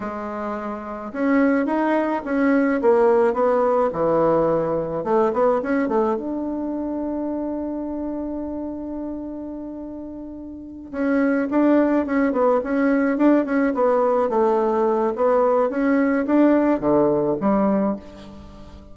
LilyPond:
\new Staff \with { instrumentName = "bassoon" } { \time 4/4 \tempo 4 = 107 gis2 cis'4 dis'4 | cis'4 ais4 b4 e4~ | e4 a8 b8 cis'8 a8 d'4~ | d'1~ |
d'2.~ d'8 cis'8~ | cis'8 d'4 cis'8 b8 cis'4 d'8 | cis'8 b4 a4. b4 | cis'4 d'4 d4 g4 | }